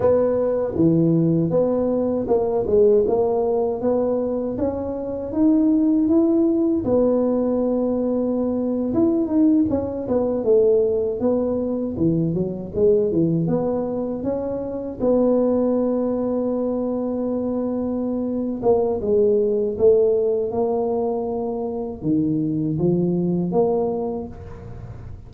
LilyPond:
\new Staff \with { instrumentName = "tuba" } { \time 4/4 \tempo 4 = 79 b4 e4 b4 ais8 gis8 | ais4 b4 cis'4 dis'4 | e'4 b2~ b8. e'16~ | e'16 dis'8 cis'8 b8 a4 b4 e16~ |
e16 fis8 gis8 e8 b4 cis'4 b16~ | b1~ | b8 ais8 gis4 a4 ais4~ | ais4 dis4 f4 ais4 | }